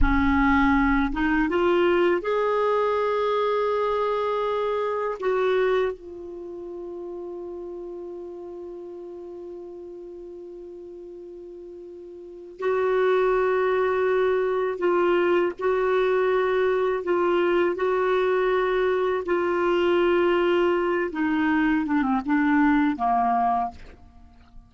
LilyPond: \new Staff \with { instrumentName = "clarinet" } { \time 4/4 \tempo 4 = 81 cis'4. dis'8 f'4 gis'4~ | gis'2. fis'4 | f'1~ | f'1~ |
f'4 fis'2. | f'4 fis'2 f'4 | fis'2 f'2~ | f'8 dis'4 d'16 c'16 d'4 ais4 | }